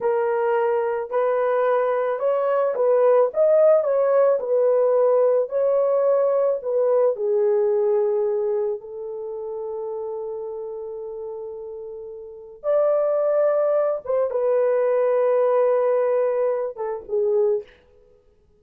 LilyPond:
\new Staff \with { instrumentName = "horn" } { \time 4/4 \tempo 4 = 109 ais'2 b'2 | cis''4 b'4 dis''4 cis''4 | b'2 cis''2 | b'4 gis'2. |
a'1~ | a'2. d''4~ | d''4. c''8 b'2~ | b'2~ b'8 a'8 gis'4 | }